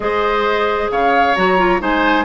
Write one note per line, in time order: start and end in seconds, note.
0.00 0.89 G#3
0.00 1.35 G#4
0.00 0.91 C5
0.00 0.89 D#5
0.90 1.35 C#3
0.90 1.81 C#5
0.90 1.35 F5
1.35 1.81 F#3
1.35 1.58 F#4
1.35 1.80 A#5
1.58 1.79 F4
1.79 2.25 G#3
1.79 2.24 D#4
1.79 2.25 C5
1.79 2.25 G#5